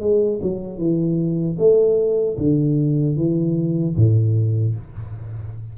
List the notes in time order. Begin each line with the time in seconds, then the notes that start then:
0.00 G#3
0.42 F#3
0.78 E3
1.58 A3
2.38 D3
3.17 E3
3.96 A2